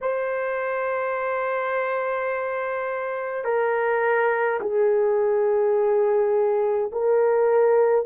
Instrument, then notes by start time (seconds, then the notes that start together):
horn
0.01 C5
3.44 A#4
4.60 G#4
6.92 A#4